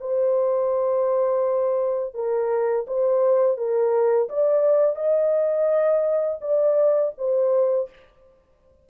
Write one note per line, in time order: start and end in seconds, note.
0.00 2.14 C5
2.14 2.86 A#4
2.87 3.57 C5
3.57 4.29 A#4
4.29 4.96 D5
4.96 6.39 D#5
6.41 7.12 D5
7.18 7.89 C5